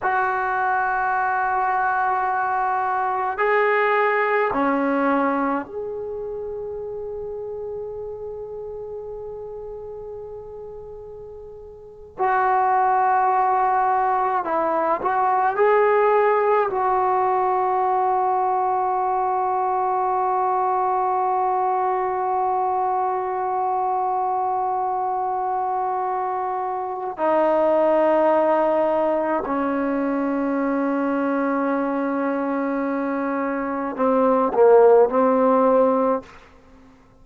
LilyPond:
\new Staff \with { instrumentName = "trombone" } { \time 4/4 \tempo 4 = 53 fis'2. gis'4 | cis'4 gis'2.~ | gis'2~ gis'8. fis'4~ fis'16~ | fis'8. e'8 fis'8 gis'4 fis'4~ fis'16~ |
fis'1~ | fis'1 | dis'2 cis'2~ | cis'2 c'8 ais8 c'4 | }